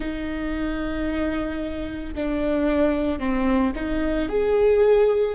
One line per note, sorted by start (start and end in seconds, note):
0.00 2.14 D#4
2.14 3.19 D4
3.19 3.73 C4
3.75 4.29 D#4
4.29 5.35 G#4